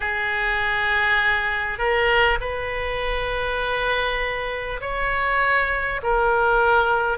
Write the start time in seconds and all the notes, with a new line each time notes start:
0.00 G#4
1.78 A#4
2.40 B4
4.80 C#5
6.03 A#4